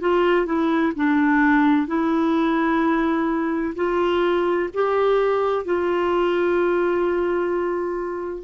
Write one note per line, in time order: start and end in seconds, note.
0.00 0.45 F4
0.45 0.92 E4
0.95 1.87 D4
1.87 3.74 E4
3.75 4.69 F4
4.73 5.65 G4
5.65 8.44 F4